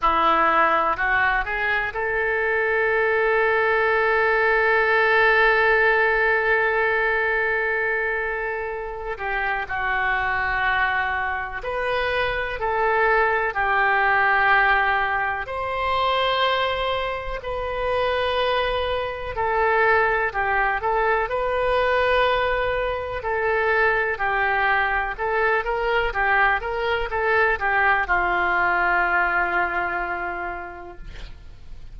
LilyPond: \new Staff \with { instrumentName = "oboe" } { \time 4/4 \tempo 4 = 62 e'4 fis'8 gis'8 a'2~ | a'1~ | a'4. g'8 fis'2 | b'4 a'4 g'2 |
c''2 b'2 | a'4 g'8 a'8 b'2 | a'4 g'4 a'8 ais'8 g'8 ais'8 | a'8 g'8 f'2. | }